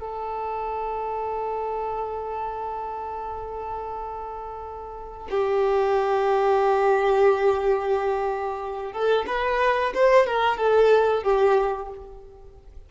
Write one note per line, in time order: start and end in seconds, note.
0.00 5.27 A4
5.30 8.92 G4
8.92 9.25 A4
9.27 9.93 B4
9.94 10.26 C5
10.26 10.57 A#4
10.57 11.23 A4
11.23 11.89 G4